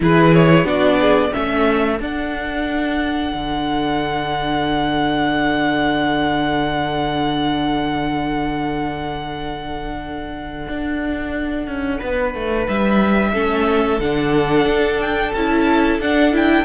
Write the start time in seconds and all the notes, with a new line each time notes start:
0.00 E3 E4 G#4 B4
0.34 C#5
0.63 B3 D4 F#4 D5
1.00 G#4
1.33 A3 C#4 A4 E5
1.99 D4 F#5
3.34 D3
10.68 D4
11.67 C#4
11.98 B3 B4
12.34 A3
12.67 G3 E5
13.33 A3 C#4 A4
13.99 D3 D4 F#5
14.65 D4
15.01 G5
15.32 C#4 E4 A5
15.98 D4 F#5
16.32 E4 G5